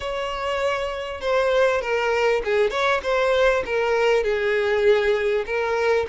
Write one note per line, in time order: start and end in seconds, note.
0.00 1.20 C#5
1.20 1.81 C5
1.81 2.42 A#4
2.44 2.70 G#4
2.70 3.00 C#5
3.02 3.63 C5
3.65 4.23 A#4
4.23 5.45 G#4
5.45 6.06 A#4